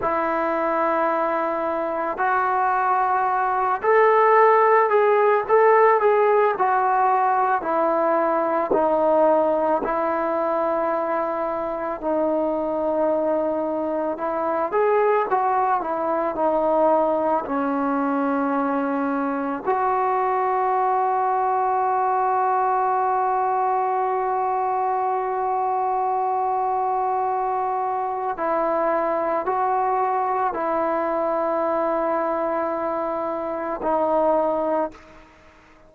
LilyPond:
\new Staff \with { instrumentName = "trombone" } { \time 4/4 \tempo 4 = 55 e'2 fis'4. a'8~ | a'8 gis'8 a'8 gis'8 fis'4 e'4 | dis'4 e'2 dis'4~ | dis'4 e'8 gis'8 fis'8 e'8 dis'4 |
cis'2 fis'2~ | fis'1~ | fis'2 e'4 fis'4 | e'2. dis'4 | }